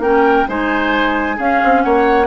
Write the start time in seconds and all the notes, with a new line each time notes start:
0.00 A#3 C#4 A#4 G5
0.48 G#3 D#4 C5 G#5
1.37 C#4 G#4 F5
1.64 C4
1.83 A#3 C#5 F#5